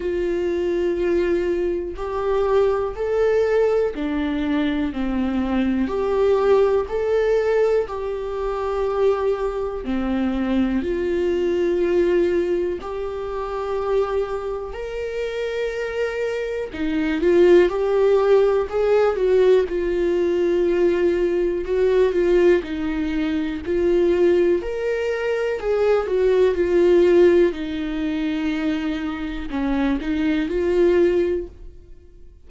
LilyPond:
\new Staff \with { instrumentName = "viola" } { \time 4/4 \tempo 4 = 61 f'2 g'4 a'4 | d'4 c'4 g'4 a'4 | g'2 c'4 f'4~ | f'4 g'2 ais'4~ |
ais'4 dis'8 f'8 g'4 gis'8 fis'8 | f'2 fis'8 f'8 dis'4 | f'4 ais'4 gis'8 fis'8 f'4 | dis'2 cis'8 dis'8 f'4 | }